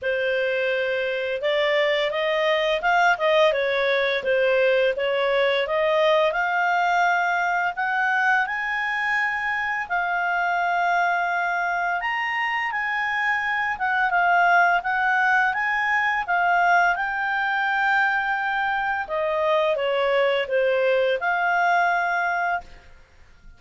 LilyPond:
\new Staff \with { instrumentName = "clarinet" } { \time 4/4 \tempo 4 = 85 c''2 d''4 dis''4 | f''8 dis''8 cis''4 c''4 cis''4 | dis''4 f''2 fis''4 | gis''2 f''2~ |
f''4 ais''4 gis''4. fis''8 | f''4 fis''4 gis''4 f''4 | g''2. dis''4 | cis''4 c''4 f''2 | }